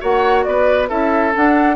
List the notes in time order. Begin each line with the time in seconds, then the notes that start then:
0.00 A#3 F#4 C#5 F#5
0.44 B3 B4 D5
0.88 C#4 E4 A4 E5
1.32 D4 F#5